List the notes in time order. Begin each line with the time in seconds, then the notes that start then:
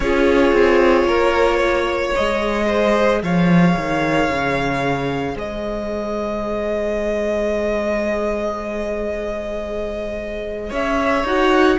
0.00 C#4 F4 G#4 C#5
0.52 C4
1.04 A#3 A#4
1.57 C#5
2.13 G#3 G#4 D#5
2.66 C5
3.22 F3 C#5 F5
3.76 D#3
4.29 C#3
5.35 G#3 C5 D#5
10.69 C#4 C#5 E5
11.23 D#4 F#4 F#5